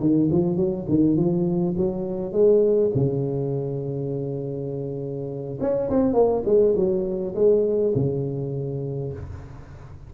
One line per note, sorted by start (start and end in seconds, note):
0.00 0.29 D#3
0.31 0.56 F3
0.56 0.86 F#3
0.89 1.16 D#3
1.16 1.75 F3
1.77 2.32 F#3
2.32 2.91 G#3
2.94 5.59 C#3
5.60 5.90 C#4
5.90 6.13 C4
6.13 6.43 A#3
6.45 6.75 G#3
6.76 7.35 F#3
7.35 7.94 G#3
7.95 9.13 C#3